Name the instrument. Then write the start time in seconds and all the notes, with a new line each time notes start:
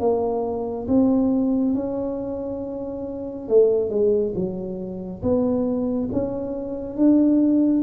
tuba
0.00 A#3
0.88 C4
1.75 C#4
3.49 A3
3.90 G#3
4.35 F#3
5.23 B3
6.13 C#4
6.97 D4